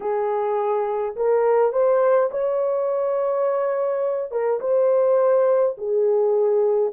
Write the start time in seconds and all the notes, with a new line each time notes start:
0.00 G#4
1.15 A#4
1.72 C5
2.30 C#5
4.31 A#4
4.60 C5
5.77 G#4